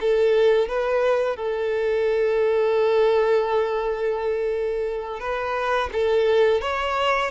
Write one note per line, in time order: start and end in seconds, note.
0.00 0.68 A4
0.68 1.36 B4
1.36 5.20 A4
5.20 5.90 B4
5.92 6.61 A4
6.61 7.31 C#5